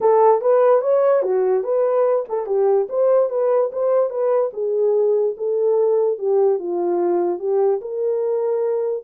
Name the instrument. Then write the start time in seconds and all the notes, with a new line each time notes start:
horn
0.00 A4
0.41 B4
0.81 C#5
1.22 F#4
1.63 B4
2.28 A4
2.46 G4
2.89 C5
3.29 B4
3.72 C5
4.09 B4
4.53 G#4
5.37 A4
6.18 G4
6.58 F4
7.39 G4
7.81 A#4